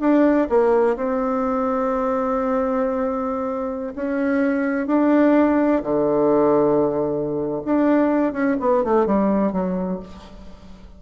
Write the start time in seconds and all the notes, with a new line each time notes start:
0.00 D4
0.49 A#3
0.96 C4
3.95 C#4
4.87 D4
5.83 D3
7.65 D4
8.33 C#4
8.60 B3
8.84 A3
9.06 G3
9.52 F#3